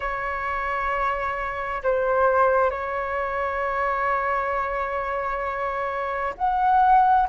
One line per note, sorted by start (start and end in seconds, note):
0.00 1.82 C#5
1.83 2.70 C5
2.70 6.34 C#5
6.37 7.28 F#5